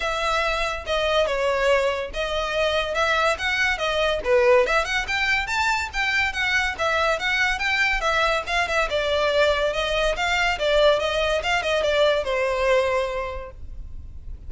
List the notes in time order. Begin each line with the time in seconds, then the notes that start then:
0.00 E5
0.86 D#5
1.26 C#5
2.13 D#5
2.94 E5
3.38 F#5
3.77 D#5
4.24 B4
4.66 E5
4.84 F#5
5.07 G5
5.46 A5
5.93 G5
6.33 F#5
6.78 E5
7.19 F#5
7.58 G5
8.01 E5
8.46 F5
8.67 E5
8.89 D5
9.73 D#5
10.16 F5
10.58 D5
10.99 D#5
11.43 F5
11.62 D#5
11.83 D5
12.24 C5